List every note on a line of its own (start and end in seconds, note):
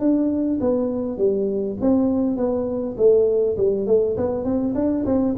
0.00 0.59 D4
0.61 1.18 B3
1.18 1.77 G3
1.81 2.37 C4
2.37 2.96 B3
2.98 3.57 A3
3.57 3.87 G3
3.87 4.17 A3
4.17 4.44 B3
4.44 4.74 C4
4.75 5.05 D4
5.06 5.35 C4